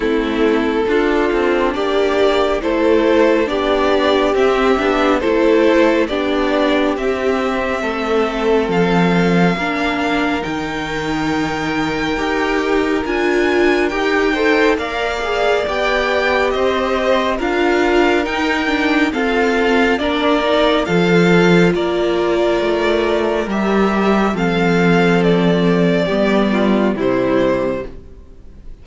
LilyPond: <<
  \new Staff \with { instrumentName = "violin" } { \time 4/4 \tempo 4 = 69 a'2 d''4 c''4 | d''4 e''4 c''4 d''4 | e''2 f''2 | g''2. gis''4 |
g''4 f''4 g''4 dis''4 | f''4 g''4 f''4 d''4 | f''4 d''2 e''4 | f''4 d''2 c''4 | }
  \new Staff \with { instrumentName = "violin" } { \time 4/4 e'4 f'4 g'4 a'4 | g'2 a'4 g'4~ | g'4 a'2 ais'4~ | ais'1~ |
ais'8 c''8 d''2 c''4 | ais'2 a'4 ais'4 | a'4 ais'2. | a'2 g'8 f'8 e'4 | }
  \new Staff \with { instrumentName = "viola" } { \time 4/4 c'4 d'2 e'4 | d'4 c'8 d'8 e'4 d'4 | c'2. d'4 | dis'2 g'4 f'4 |
g'8 a'8 ais'8 gis'8 g'2 | f'4 dis'8 d'8 c'4 d'8 dis'8 | f'2. g'4 | c'2 b4 g4 | }
  \new Staff \with { instrumentName = "cello" } { \time 4/4 a4 d'8 c'8 ais4 a4 | b4 c'8 b8 a4 b4 | c'4 a4 f4 ais4 | dis2 dis'4 d'4 |
dis'4 ais4 b4 c'4 | d'4 dis'4 f'4 ais4 | f4 ais4 a4 g4 | f2 g4 c4 | }
>>